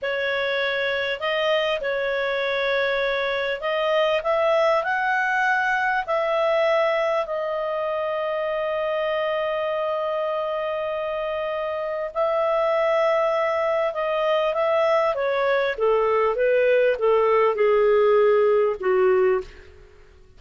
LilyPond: \new Staff \with { instrumentName = "clarinet" } { \time 4/4 \tempo 4 = 99 cis''2 dis''4 cis''4~ | cis''2 dis''4 e''4 | fis''2 e''2 | dis''1~ |
dis''1 | e''2. dis''4 | e''4 cis''4 a'4 b'4 | a'4 gis'2 fis'4 | }